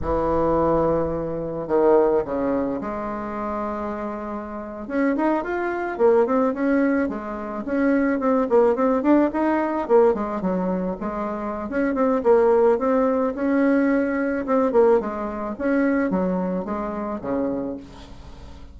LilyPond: \new Staff \with { instrumentName = "bassoon" } { \time 4/4 \tempo 4 = 108 e2. dis4 | cis4 gis2.~ | gis8. cis'8 dis'8 f'4 ais8 c'8 cis'16~ | cis'8. gis4 cis'4 c'8 ais8 c'16~ |
c'16 d'8 dis'4 ais8 gis8 fis4 gis16~ | gis4 cis'8 c'8 ais4 c'4 | cis'2 c'8 ais8 gis4 | cis'4 fis4 gis4 cis4 | }